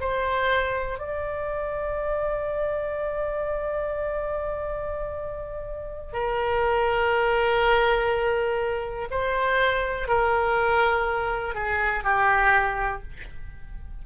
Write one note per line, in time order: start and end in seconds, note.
0.00 0.98 C5
0.98 6.13 D5
6.13 9.08 A#4
9.10 10.08 C5
10.08 11.54 A#4
11.54 12.04 G#4
12.04 13.02 G4